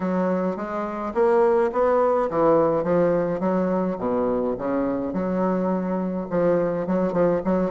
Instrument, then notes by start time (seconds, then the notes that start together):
bassoon
0.00 F#3
0.56 G#3
1.14 A#3
1.72 B3
2.30 E3
2.83 F3
3.40 F#3
3.98 B2
4.58 C#3
5.13 F#3
6.30 F3
6.86 F#3
7.12 F3
7.44 F#3